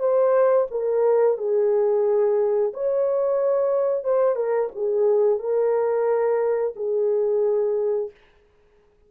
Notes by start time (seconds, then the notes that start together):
0.00 C5
0.71 A#4
1.38 G#4
2.74 C#5
4.04 C5
4.36 A#4
4.76 G#4
5.40 A#4
6.76 G#4